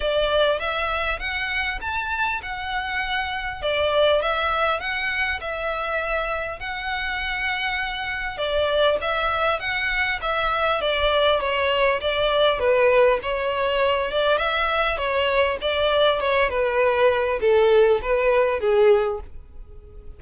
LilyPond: \new Staff \with { instrumentName = "violin" } { \time 4/4 \tempo 4 = 100 d''4 e''4 fis''4 a''4 | fis''2 d''4 e''4 | fis''4 e''2 fis''4~ | fis''2 d''4 e''4 |
fis''4 e''4 d''4 cis''4 | d''4 b'4 cis''4. d''8 | e''4 cis''4 d''4 cis''8 b'8~ | b'4 a'4 b'4 gis'4 | }